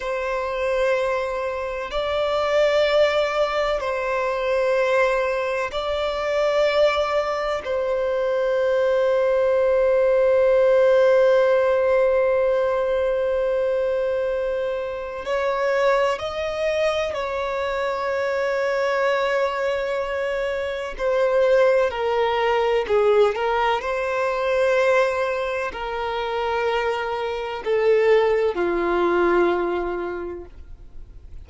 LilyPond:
\new Staff \with { instrumentName = "violin" } { \time 4/4 \tempo 4 = 63 c''2 d''2 | c''2 d''2 | c''1~ | c''1 |
cis''4 dis''4 cis''2~ | cis''2 c''4 ais'4 | gis'8 ais'8 c''2 ais'4~ | ais'4 a'4 f'2 | }